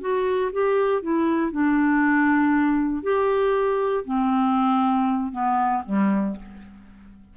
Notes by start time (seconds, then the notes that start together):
0.00 F#4
0.52 G4
1.02 E4
1.51 D4
3.03 G4
4.05 C4
5.32 B3
5.85 G3